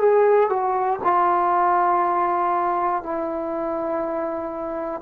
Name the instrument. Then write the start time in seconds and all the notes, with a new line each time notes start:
trombone
0.00 G#4
0.50 F#4
1.04 F4
3.03 E4